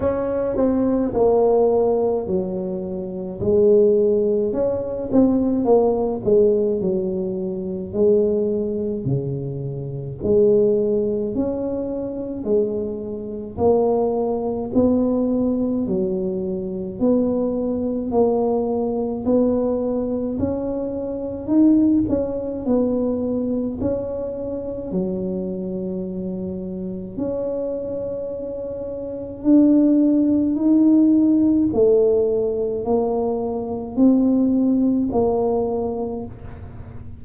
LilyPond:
\new Staff \with { instrumentName = "tuba" } { \time 4/4 \tempo 4 = 53 cis'8 c'8 ais4 fis4 gis4 | cis'8 c'8 ais8 gis8 fis4 gis4 | cis4 gis4 cis'4 gis4 | ais4 b4 fis4 b4 |
ais4 b4 cis'4 dis'8 cis'8 | b4 cis'4 fis2 | cis'2 d'4 dis'4 | a4 ais4 c'4 ais4 | }